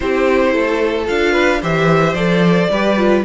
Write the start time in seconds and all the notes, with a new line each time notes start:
0.00 C4 E4 G4 C5
0.53 A3 A4
1.06 D4 F4 F5
1.32 B4
1.61 E3 G4 C5 E5
2.13 F3 A4 D5
2.70 G3 G4 B4
2.97 F4